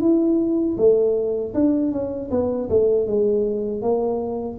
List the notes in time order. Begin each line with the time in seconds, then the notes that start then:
0.00 E4
0.77 A3
1.54 D4
1.92 C#4
2.30 B3
2.69 A3
3.07 G#3
3.82 A#3